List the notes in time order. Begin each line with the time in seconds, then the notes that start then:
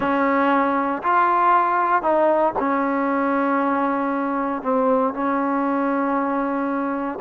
0.00 C#4
1.02 F4
2.02 D#4
2.59 C#4
4.62 C4
5.13 C#4